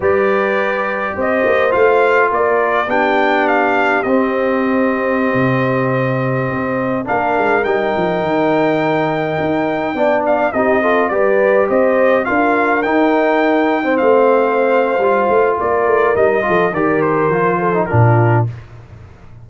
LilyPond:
<<
  \new Staff \with { instrumentName = "trumpet" } { \time 4/4 \tempo 4 = 104 d''2 dis''4 f''4 | d''4 g''4 f''4 dis''4~ | dis''1~ | dis''16 f''4 g''2~ g''8.~ |
g''4.~ g''16 f''8 dis''4 d''8.~ | d''16 dis''4 f''4 g''4.~ g''16~ | g''16 f''2~ f''8. d''4 | dis''4 d''8 c''4. ais'4 | }
  \new Staff \with { instrumentName = "horn" } { \time 4/4 b'2 c''2 | ais'4 g'2.~ | g'1~ | g'16 ais'2.~ ais'8.~ |
ais'4~ ais'16 d''4 g'8 a'8 b'8.~ | b'16 c''4 ais'2~ ais'8. | c''2. ais'4~ | ais'8 a'8 ais'4. a'8 f'4 | }
  \new Staff \with { instrumentName = "trombone" } { \time 4/4 g'2. f'4~ | f'4 d'2 c'4~ | c'1~ | c'16 d'4 dis'2~ dis'8.~ |
dis'4~ dis'16 d'4 dis'8 f'8 g'8.~ | g'4~ g'16 f'4 dis'4.~ dis'16 | c'2 f'2 | dis'8 f'8 g'4 f'8. dis'16 d'4 | }
  \new Staff \with { instrumentName = "tuba" } { \time 4/4 g2 c'8 ais8 a4 | ais4 b2 c'4~ | c'4~ c'16 c2 c'8.~ | c'16 ais8 gis8 g8 f8 dis4.~ dis16~ |
dis16 dis'4 b4 c'4 g8.~ | g16 c'4 d'4 dis'4.~ dis'16~ | dis'16 a4.~ a16 g8 a8 ais8 a8 | g8 f8 dis4 f4 ais,4 | }
>>